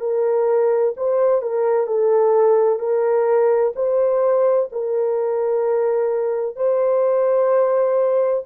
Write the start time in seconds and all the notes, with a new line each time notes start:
0.00 A#4
0.97 C5
1.42 A#4
1.87 A4
2.80 A#4
3.75 C5
4.72 A#4
6.56 C5